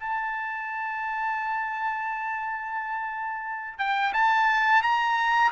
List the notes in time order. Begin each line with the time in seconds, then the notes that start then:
0.00 A5
3.79 G5
4.14 A5
4.83 A#5